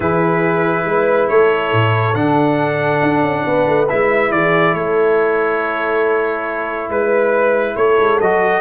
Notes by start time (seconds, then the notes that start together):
0.00 E3 E4 G#4 B4
0.84 G#3 B4
1.29 A3 A4 C#5
1.72 A2
2.14 D3 D4 F#5
3.02 D4
3.22 C#4
3.45 B3 B4
3.67 A3
3.88 G#3 E4 E5
4.31 E3 G#4 D5
4.73 A3 A4 C#5
6.89 G#3 B4
7.76 A3 A4 C#5
7.98 G#3
8.20 F#3 F#4 D#5